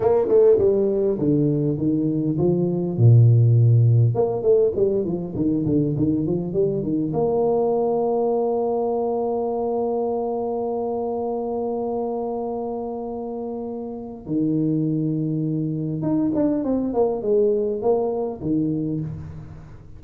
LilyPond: \new Staff \with { instrumentName = "tuba" } { \time 4/4 \tempo 4 = 101 ais8 a8 g4 d4 dis4 | f4 ais,2 ais8 a8 | g8 f8 dis8 d8 dis8 f8 g8 dis8 | ais1~ |
ais1~ | ais1 | dis2. dis'8 d'8 | c'8 ais8 gis4 ais4 dis4 | }